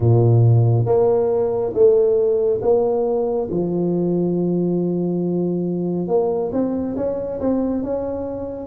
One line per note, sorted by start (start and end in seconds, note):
0.00 0.85 A#2
0.85 1.72 A#3
1.73 2.60 A3
2.61 3.48 A#3
3.50 6.07 F3
6.07 6.51 A#3
6.52 6.95 C4
6.96 7.40 C#4
7.40 7.83 C4
7.83 8.67 C#4